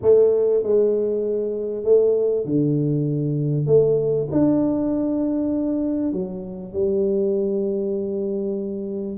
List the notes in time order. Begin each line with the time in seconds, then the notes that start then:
0.01 A3
0.63 G#3
1.84 A3
2.45 D3
3.66 A3
4.31 D4
6.12 F#3
6.73 G3